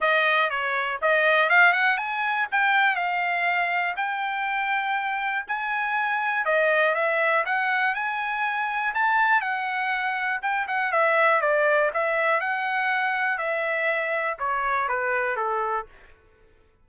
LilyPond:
\new Staff \with { instrumentName = "trumpet" } { \time 4/4 \tempo 4 = 121 dis''4 cis''4 dis''4 f''8 fis''8 | gis''4 g''4 f''2 | g''2. gis''4~ | gis''4 dis''4 e''4 fis''4 |
gis''2 a''4 fis''4~ | fis''4 g''8 fis''8 e''4 d''4 | e''4 fis''2 e''4~ | e''4 cis''4 b'4 a'4 | }